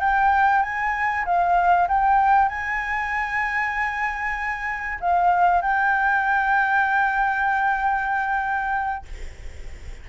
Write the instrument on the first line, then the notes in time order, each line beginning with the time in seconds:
flute
0.00 G5
0.62 G#5
1.25 F5
1.88 G5
2.49 G#5
5.00 F5
5.61 G5